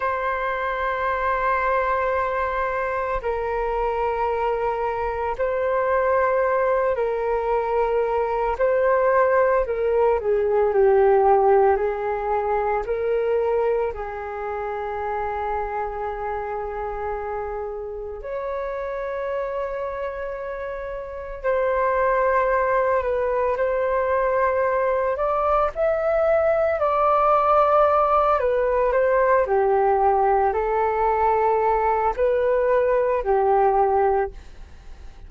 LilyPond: \new Staff \with { instrumentName = "flute" } { \time 4/4 \tempo 4 = 56 c''2. ais'4~ | ais'4 c''4. ais'4. | c''4 ais'8 gis'8 g'4 gis'4 | ais'4 gis'2.~ |
gis'4 cis''2. | c''4. b'8 c''4. d''8 | e''4 d''4. b'8 c''8 g'8~ | g'8 a'4. b'4 g'4 | }